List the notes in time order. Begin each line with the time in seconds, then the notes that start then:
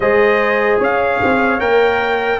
0.00 G#3 G#4 C5 D#5
0.79 C#4 C#5 F5
1.23 C4
1.59 A#3 A#4 G5